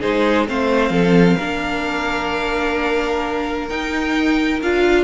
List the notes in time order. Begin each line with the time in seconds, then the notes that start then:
0.00 G#3 D#4 G#4 C5
0.47 A3 C4 C5 F5
0.90 F3 A4
1.36 A#3 D4 A#4
3.68 D#4 G5
4.62 D4 F4 F5